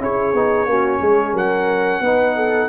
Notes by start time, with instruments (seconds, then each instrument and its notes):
0.00 tuba C#4, trombone E4, horn G#4, trumpet C#5
0.33 tuba B3, trombone D#4
0.66 tuba A#3, trombone C#4, horn F#4
0.99 tuba G#3, horn G#4
1.33 tuba F#3, horn A#4, trumpet F#5
2.00 tuba B3, trombone D#4, horn B4
2.36 horn A4